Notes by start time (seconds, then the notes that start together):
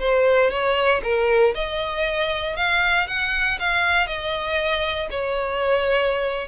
0.00 C5
0.51 C#5
1.04 A#4
1.55 D#5
2.57 F5
3.08 F#5
3.60 F5
4.07 D#5
5.11 C#5